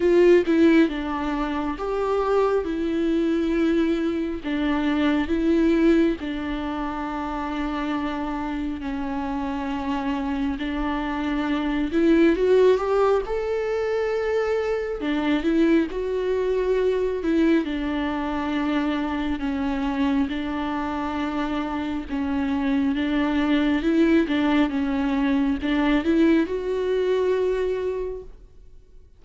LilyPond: \new Staff \with { instrumentName = "viola" } { \time 4/4 \tempo 4 = 68 f'8 e'8 d'4 g'4 e'4~ | e'4 d'4 e'4 d'4~ | d'2 cis'2 | d'4. e'8 fis'8 g'8 a'4~ |
a'4 d'8 e'8 fis'4. e'8 | d'2 cis'4 d'4~ | d'4 cis'4 d'4 e'8 d'8 | cis'4 d'8 e'8 fis'2 | }